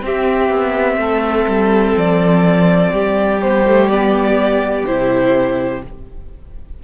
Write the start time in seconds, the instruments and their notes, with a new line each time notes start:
0.00 viola C4, cello C4, violin G4 E5
0.50 cello B3
0.97 cello A3, violin A4
1.46 cello G3
1.97 cello F3, violin D5
2.91 cello G3, violin G4
3.41 viola B3, violin C5
3.66 viola A3
3.88 viola B3, violin D5
4.86 cello C3, viola E4, violin C5